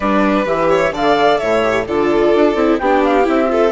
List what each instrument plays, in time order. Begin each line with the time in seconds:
0.00 bassoon G3, viola D4, violin B4, flute D5
0.45 bassoon E3, viola G4, flute E5
0.69 violin C#5
0.91 bassoon D3, viola A4, violin D5, flute F5
1.38 bassoon A2, violin C#5, flute E5
1.62 viola G4
1.87 bassoon D3, viola F4, violin A4, flute D5
2.35 bassoon D4
2.55 bassoon C4, viola E4
2.78 bassoon B3, viola D4, violin G4, flute G5
3.04 flute F5
3.23 bassoon C4, viola E4, flute E5
3.47 viola F4, violin A4